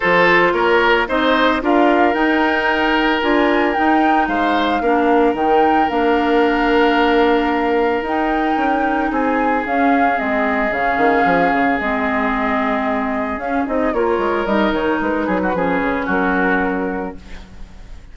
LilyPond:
<<
  \new Staff \with { instrumentName = "flute" } { \time 4/4 \tempo 4 = 112 c''4 cis''4 dis''4 f''4 | g''2 gis''4 g''4 | f''2 g''4 f''4~ | f''2. g''4~ |
g''4 gis''4 f''4 dis''4 | f''2 dis''2~ | dis''4 f''8 dis''8 cis''4 dis''8 cis''8 | b'2 ais'2 | }
  \new Staff \with { instrumentName = "oboe" } { \time 4/4 a'4 ais'4 c''4 ais'4~ | ais'1 | c''4 ais'2.~ | ais'1~ |
ais'4 gis'2.~ | gis'1~ | gis'2 ais'2~ | ais'8 gis'16 fis'16 gis'4 fis'2 | }
  \new Staff \with { instrumentName = "clarinet" } { \time 4/4 f'2 dis'4 f'4 | dis'2 f'4 dis'4~ | dis'4 d'4 dis'4 d'4~ | d'2. dis'4~ |
dis'2 cis'4 c'4 | cis'2 c'2~ | c'4 cis'8 dis'8 f'4 dis'4~ | dis'4 cis'2. | }
  \new Staff \with { instrumentName = "bassoon" } { \time 4/4 f4 ais4 c'4 d'4 | dis'2 d'4 dis'4 | gis4 ais4 dis4 ais4~ | ais2. dis'4 |
cis'4 c'4 cis'4 gis4 | cis8 dis8 f8 cis8 gis2~ | gis4 cis'8 c'8 ais8 gis8 g8 dis8 | gis8 fis8 f8 cis8 fis2 | }
>>